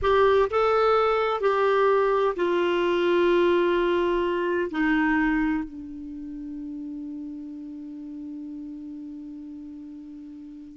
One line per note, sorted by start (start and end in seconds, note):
0.02 0.49 G4
0.50 1.41 A4
1.41 2.34 G4
2.35 4.70 F4
4.70 5.64 D#4
5.64 10.77 D4